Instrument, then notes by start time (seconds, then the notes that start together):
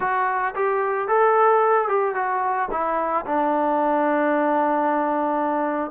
trombone
0.00 F#4
0.55 G4
1.07 A4
1.88 G4
2.14 F#4
2.71 E4
3.26 D4